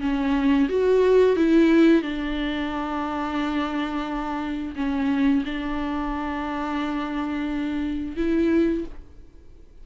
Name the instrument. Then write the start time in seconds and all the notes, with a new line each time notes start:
viola
0.00 C#4
0.69 F#4
1.36 E4
2.02 D4
4.75 C#4
5.45 D4
8.16 E4